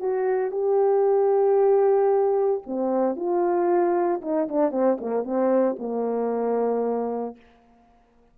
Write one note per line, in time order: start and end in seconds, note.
0.00 0.51 F#4
0.51 2.62 G4
2.67 3.16 C4
3.16 4.22 F4
4.22 4.48 D#4
4.49 4.72 D4
4.72 4.98 C4
5.01 5.24 A#3
5.24 5.76 C4
5.79 7.37 A#3